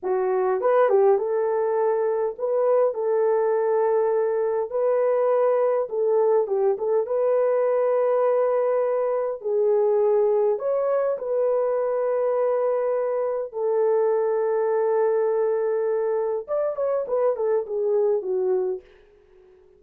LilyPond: \new Staff \with { instrumentName = "horn" } { \time 4/4 \tempo 4 = 102 fis'4 b'8 g'8 a'2 | b'4 a'2. | b'2 a'4 g'8 a'8 | b'1 |
gis'2 cis''4 b'4~ | b'2. a'4~ | a'1 | d''8 cis''8 b'8 a'8 gis'4 fis'4 | }